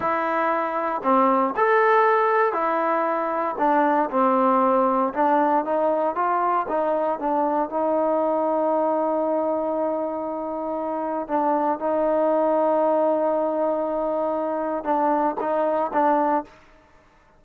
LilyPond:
\new Staff \with { instrumentName = "trombone" } { \time 4/4 \tempo 4 = 117 e'2 c'4 a'4~ | a'4 e'2 d'4 | c'2 d'4 dis'4 | f'4 dis'4 d'4 dis'4~ |
dis'1~ | dis'2 d'4 dis'4~ | dis'1~ | dis'4 d'4 dis'4 d'4 | }